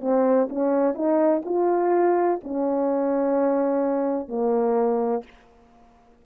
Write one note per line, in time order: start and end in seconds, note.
0.00 0.48 C4
0.49 0.94 C#4
0.94 1.41 D#4
1.45 2.40 F4
2.43 4.28 C#4
4.28 5.23 A#3